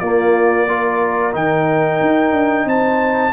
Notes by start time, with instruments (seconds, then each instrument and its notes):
0.00 tuba A#3, trombone A#3, horn F4, trumpet D5
0.67 trombone F4, horn A#4
1.33 tuba D#3, trombone D#4, trumpet G5
2.01 tuba D#4
2.32 tuba D4
2.66 tuba C4, horn C5, trumpet A5